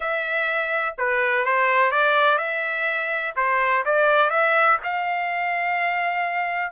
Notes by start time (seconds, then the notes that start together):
0.00 E5
0.98 B4
1.45 C5
1.91 D5
2.38 E5
3.36 C5
3.85 D5
4.30 E5
4.83 F5